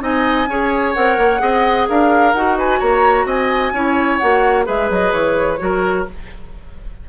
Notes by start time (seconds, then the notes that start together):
0.00 C4 D#4 D#5 G#5
0.48 C#4 G#4 C#5
0.94 C4 A#4 F#5
1.18 A#3
1.39 C4 G#4 D#5
1.89 D4 A#4 F5
2.34 D#4 F#4 F#5
2.58 B4 G#5
2.79 A#3 C#5 A#5
3.25 C4 D#5 G#5
3.72 C#4 E4 C#5
4.18 A#3 F#4 F#5
4.64 G#3 G#4 B4 E5
4.90 F#3 D#5
5.12 E3 C#5
5.58 F#3 F#4 A#4